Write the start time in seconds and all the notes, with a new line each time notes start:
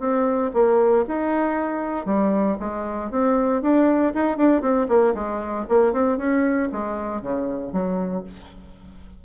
0.00 C4
0.54 A#3
1.08 D#4
2.06 G3
2.60 G#3
3.11 C4
3.62 D4
4.14 D#4
4.38 D4
4.62 C4
4.89 A#3
5.15 G#3
5.69 A#3
5.93 C4
6.18 C#4
6.72 G#3
7.22 C#3
7.72 F#3